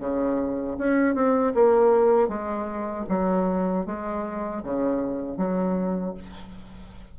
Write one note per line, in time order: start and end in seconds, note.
0.00 0.77 C#3
0.78 1.15 C#4
1.15 1.53 C4
1.55 2.29 A#3
2.29 3.06 G#3
3.09 3.86 F#3
3.86 4.63 G#3
4.64 5.37 C#3
5.37 6.14 F#3